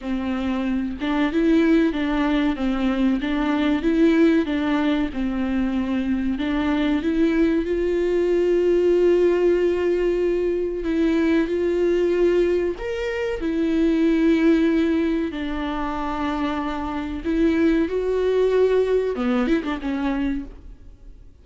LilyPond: \new Staff \with { instrumentName = "viola" } { \time 4/4 \tempo 4 = 94 c'4. d'8 e'4 d'4 | c'4 d'4 e'4 d'4 | c'2 d'4 e'4 | f'1~ |
f'4 e'4 f'2 | ais'4 e'2. | d'2. e'4 | fis'2 b8 e'16 d'16 cis'4 | }